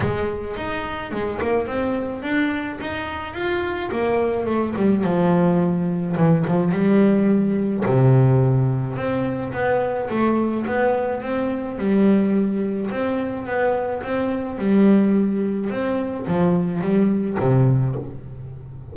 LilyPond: \new Staff \with { instrumentName = "double bass" } { \time 4/4 \tempo 4 = 107 gis4 dis'4 gis8 ais8 c'4 | d'4 dis'4 f'4 ais4 | a8 g8 f2 e8 f8 | g2 c2 |
c'4 b4 a4 b4 | c'4 g2 c'4 | b4 c'4 g2 | c'4 f4 g4 c4 | }